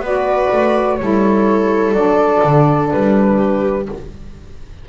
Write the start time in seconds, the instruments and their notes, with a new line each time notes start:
0.00 double bass B3, saxophone F#4, viola B4, flute D5
0.53 double bass A3
0.98 double bass G3, saxophone E4, viola A4, flute C#5
1.92 double bass F#3, saxophone D4, flute D5
2.44 double bass D3
2.92 double bass G3, flute B4
3.37 viola G4